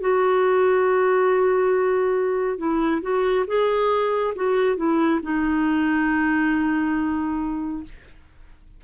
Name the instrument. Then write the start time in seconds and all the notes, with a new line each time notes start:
clarinet
0.00 F#4
2.58 E4
3.02 F#4
3.47 G#4
4.35 F#4
4.77 E4
5.23 D#4